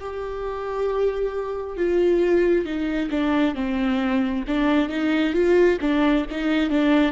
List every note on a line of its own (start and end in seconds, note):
0.00 1.77 G4
1.77 2.65 F4
2.65 3.10 D#4
3.11 3.55 D4
3.55 4.45 C4
4.48 4.89 D4
4.89 5.34 D#4
5.34 5.78 F4
5.81 6.26 D4
6.31 6.70 D#4
6.70 7.12 D4